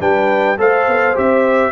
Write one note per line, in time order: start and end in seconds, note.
0.00 0.59 G3
0.00 0.57 D4
0.00 0.58 B4
0.00 0.59 G5
0.58 0.88 A3
0.58 1.15 A4
0.58 1.72 C5
0.58 1.18 F5
0.88 1.16 B3
1.15 1.72 C4
1.15 1.72 G4
1.15 1.72 E5